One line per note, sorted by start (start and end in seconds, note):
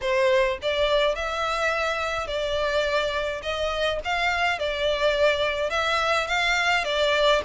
0.01 0.58 C5
0.62 1.15 D5
1.15 2.27 E5
2.27 3.41 D5
3.42 3.99 D#5
4.04 4.58 F5
4.58 5.70 D5
5.70 6.27 E5
6.27 6.84 F5
6.84 7.41 D5